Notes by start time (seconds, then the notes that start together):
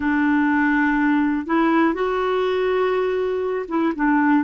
0.00 D4
1.46 E4
1.94 F#4
3.68 E4
3.95 D4